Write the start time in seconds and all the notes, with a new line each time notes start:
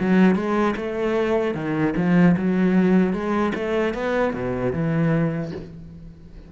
0.00 F#3
0.35 G#3
0.76 A3
1.54 D#3
1.96 F3
2.37 F#3
3.13 G#3
3.55 A3
3.94 B3
4.33 B2
4.73 E3